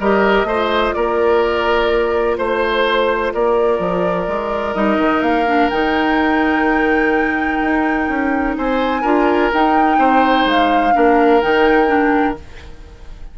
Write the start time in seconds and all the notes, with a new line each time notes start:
0.00 G3 G4 A#4 D#5
0.44 A3 F4 C5
0.93 A#3 A#4 D5
2.38 A3 C5
3.34 A#3 A#4 D5
3.79 F3
4.28 G#3
4.75 G3 D#4 D#5
4.98 D#3
5.22 A#3 F5
5.48 D4
5.70 D#3 D#4 G5
7.61 D#4
8.09 C#4
8.58 C4 C5 G#5
9.02 D4 F4 A#4
9.53 D#4 G5
9.98 C4 C5
10.46 G#3 F5
10.94 A#3 D4 A#4
11.41 D#3 D#4 G5
11.87 D4